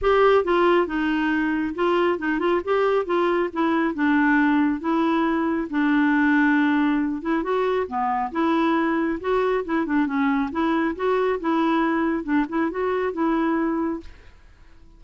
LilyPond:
\new Staff \with { instrumentName = "clarinet" } { \time 4/4 \tempo 4 = 137 g'4 f'4 dis'2 | f'4 dis'8 f'8 g'4 f'4 | e'4 d'2 e'4~ | e'4 d'2.~ |
d'8 e'8 fis'4 b4 e'4~ | e'4 fis'4 e'8 d'8 cis'4 | e'4 fis'4 e'2 | d'8 e'8 fis'4 e'2 | }